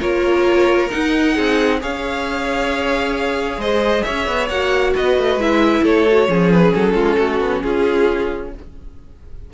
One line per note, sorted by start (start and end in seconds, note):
0.00 0.92 A#3
0.00 0.90 F4
0.00 1.34 A#4
0.00 0.90 C#5
0.90 1.80 D#4
0.90 1.38 D#4
0.90 1.80 F#5
1.35 1.83 C4
1.35 1.80 G#4
1.80 3.57 C#4
1.80 4.49 G#4
1.80 3.60 C#5
1.80 3.61 F5
3.57 4.02 G#3
3.57 4.04 C5
3.57 4.03 D#5
4.03 4.27 C#4
4.03 4.94 C#5
4.03 4.48 E5
4.27 4.49 B3
4.49 4.94 A#3
4.49 5.40 F#4
4.49 4.93 F#5
4.95 5.18 B3
4.95 5.83 B4
4.95 5.41 D#5
5.18 5.36 A3
5.36 5.81 G#3
5.36 6.07 E4
5.36 5.85 E5
5.83 6.28 A3
5.83 6.28 A4
5.83 6.51 C#5
6.08 6.29 F#4
6.28 6.73 F3
6.28 8.53 C#4
6.28 6.94 G#4
6.51 6.73 B4
6.74 6.94 F#3
6.74 7.61 A4
6.94 7.17 G#3
6.94 7.17 F4
7.18 7.40 A3
7.18 7.64 F#4
7.40 7.63 B3
7.61 8.54 C#4
7.61 8.54 F4
7.61 8.50 G#4